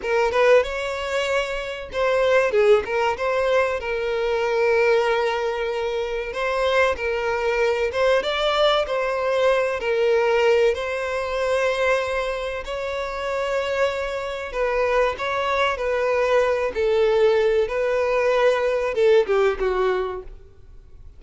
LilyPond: \new Staff \with { instrumentName = "violin" } { \time 4/4 \tempo 4 = 95 ais'8 b'8 cis''2 c''4 | gis'8 ais'8 c''4 ais'2~ | ais'2 c''4 ais'4~ | ais'8 c''8 d''4 c''4. ais'8~ |
ais'4 c''2. | cis''2. b'4 | cis''4 b'4. a'4. | b'2 a'8 g'8 fis'4 | }